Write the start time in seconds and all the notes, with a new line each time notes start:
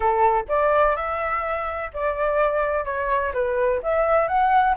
0.00 A4
0.48 D5
0.95 E5
1.93 D5
2.84 C#5
3.33 B4
3.82 E5
4.28 F#5